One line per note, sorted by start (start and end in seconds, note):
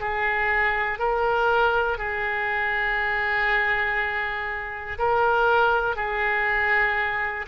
0.00 0.99 G#4
0.99 1.99 A#4
1.99 4.99 G#4
4.99 5.96 A#4
5.96 7.46 G#4